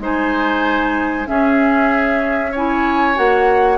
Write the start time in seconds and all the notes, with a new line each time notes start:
0.00 G#3 D#4 C5 G#5
1.26 C#4 G#4 E5
2.51 E4 C#5 G#5
3.15 A#3 F#4 F#5